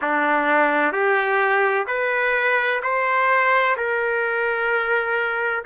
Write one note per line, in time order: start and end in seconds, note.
0.01 0.92 D4
0.92 1.86 G4
1.87 2.81 B4
2.82 3.76 C5
3.76 5.64 A#4